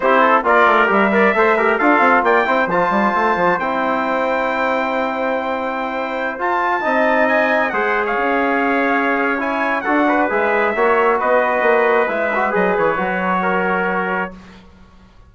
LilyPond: <<
  \new Staff \with { instrumentName = "trumpet" } { \time 4/4 \tempo 4 = 134 c''4 d''4 e''2 | f''4 g''4 a''2 | g''1~ | g''2~ g''16 a''4.~ a''16~ |
a''16 gis''4 fis''8. f''2~ | f''4 gis''4 fis''4 e''4~ | e''4 dis''2 e''4 | dis''8 cis''2.~ cis''8 | }
  \new Staff \with { instrumentName = "trumpet" } { \time 4/4 g'8 a'8 ais'4. d''8 c''8 ais'8 | a'4 d''8 c''2~ c''8~ | c''1~ | c''2.~ c''16 dis''8.~ |
dis''4~ dis''16 c''8. cis''2~ | cis''2 a'8 b'4. | cis''4 b'2.~ | b'2 ais'2 | }
  \new Staff \with { instrumentName = "trombone" } { \time 4/4 e'4 f'4 g'8 ais'8 a'8 g'8 | f'4. e'8 f'2 | e'1~ | e'2~ e'16 f'4 dis'8.~ |
dis'4~ dis'16 gis'2~ gis'8.~ | gis'4 e'4 fis'4 gis'4 | fis'2. e'8 fis'8 | gis'4 fis'2. | }
  \new Staff \with { instrumentName = "bassoon" } { \time 4/4 c'4 ais8 a8 g4 a4 | d'8 c'8 ais8 c'8 f8 g8 a8 f8 | c'1~ | c'2~ c'16 f'4 c'8.~ |
c'4~ c'16 gis4 cis'4.~ cis'16~ | cis'2 d'4 gis4 | ais4 b4 ais4 gis4 | fis8 e8 fis2. | }
>>